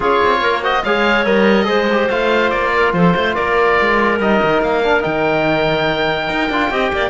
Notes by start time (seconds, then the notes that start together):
0.00 C#4 F4 G#4 C#5
0.24 C4
0.40 A#3 A#4
0.62 F#4 C5 D#5
0.84 G#3 G#4 C#5 F5
1.25 G3 A#4 D#5
1.65 G#3 G#4 C5
1.91 G4
2.09 A3 F4 F5
2.50 A#3 D5
2.74 A#4
2.92 F3 A4 C5
3.14 A3 C5
3.34 A#3 A#4 D5
3.80 G#3
4.19 G3 D#4 D#5
4.42 D#3
4.61 A#3 F5
4.84 D4
5.00 D#3 D#4 G5
6.29 D#4
6.49 D4 F4
6.70 C4 G4 D#5
6.93 A#3 D5